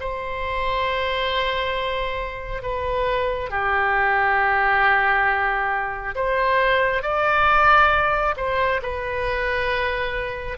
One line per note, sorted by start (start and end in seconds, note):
0.00 2.62 C5
2.62 3.50 B4
3.50 6.14 G4
6.15 7.02 C5
7.02 8.35 D5
8.36 8.80 C5
8.82 10.57 B4